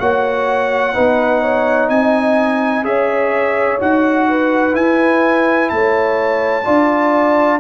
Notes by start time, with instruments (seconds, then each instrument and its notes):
0.00 tuba A#3, trombone F#4, horn C#5, trumpet F#5
0.94 tuba B3, trombone D#4, horn B4
1.42 horn C#5
1.89 tuba C4, horn D#5, trumpet G#5
2.83 tuba C#4, trombone G#4, horn C#5, trumpet E5
3.80 tuba D#4, trombone F#4, trumpet F#5
4.29 horn B4
4.73 trombone E4, tuba E4, trumpet G#5
5.70 tuba A3, horn C#5, trumpet A5
6.65 tuba D4, trombone F4, horn D5